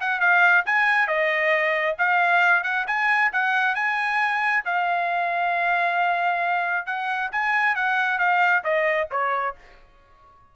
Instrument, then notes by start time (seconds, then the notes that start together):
trumpet
0.00 F#5
0.20 F5
0.66 G#5
1.07 D#5
1.98 F5
2.63 F#5
2.87 G#5
3.33 F#5
3.75 G#5
4.65 F5
6.86 F#5
7.32 G#5
7.75 F#5
8.18 F5
8.64 D#5
9.11 C#5